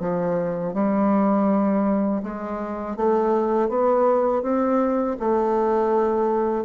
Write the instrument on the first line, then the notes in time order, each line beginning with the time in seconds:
bassoon
0.00 F3
0.74 G3
2.23 G#3
2.97 A3
3.69 B3
4.43 C4
5.20 A3